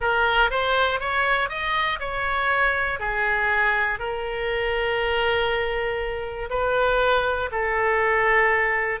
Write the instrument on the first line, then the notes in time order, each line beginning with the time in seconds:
oboe
0.00 A#4
0.50 C5
1.00 C#5
1.49 D#5
1.99 C#5
2.99 G#4
3.99 A#4
6.50 B4
7.51 A4